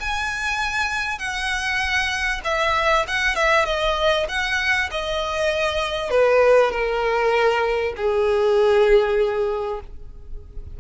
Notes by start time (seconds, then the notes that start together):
0.00 G#5
1.19 F#5
2.44 E5
3.07 F#5
3.35 E5
3.65 D#5
4.29 F#5
4.91 D#5
6.10 B4
6.71 A#4
7.96 G#4